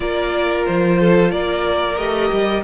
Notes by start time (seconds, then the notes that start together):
0.00 A#3 F4 A#4 D5
0.65 F3 C5
1.00 A4
1.31 A#3 A#4 D5
1.97 A3 G4 D#5
2.31 G3